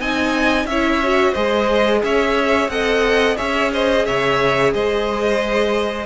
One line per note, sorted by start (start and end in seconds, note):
0.00 0.65 C4
0.00 0.68 D#4
0.00 0.68 D#5
0.00 0.66 G#5
0.65 1.32 C#4
0.65 1.32 C#5
0.65 1.34 E5
0.71 1.03 E4
1.03 1.35 F#4
1.32 2.03 G#3
1.32 2.70 G#4
1.32 1.99 C5
1.32 2.01 D#5
2.03 2.68 C#4
2.03 2.71 C#5
2.03 2.69 E5
2.68 3.36 C4
2.68 3.37 A4
2.68 3.37 D#5
2.68 3.37 F#5
3.37 4.07 C#4
3.37 6.06 G#4
3.37 3.71 C#5
3.37 3.71 E5
3.73 4.06 C5
3.73 4.06 D#5
4.06 4.74 C#3
4.06 4.73 C#5
4.06 4.73 E5
4.73 6.06 G#3
4.73 6.06 C5
4.73 6.06 D#5